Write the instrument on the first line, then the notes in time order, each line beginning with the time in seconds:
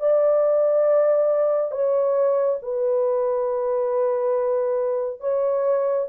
horn
0.00 D5
1.72 C#5
2.62 B4
5.21 C#5